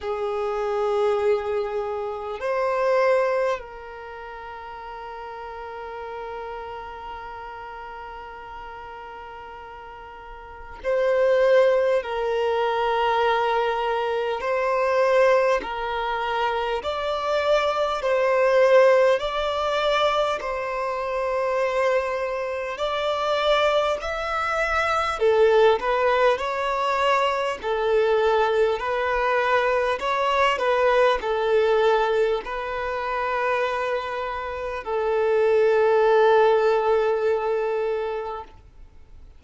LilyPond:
\new Staff \with { instrumentName = "violin" } { \time 4/4 \tempo 4 = 50 gis'2 c''4 ais'4~ | ais'1~ | ais'4 c''4 ais'2 | c''4 ais'4 d''4 c''4 |
d''4 c''2 d''4 | e''4 a'8 b'8 cis''4 a'4 | b'4 cis''8 b'8 a'4 b'4~ | b'4 a'2. | }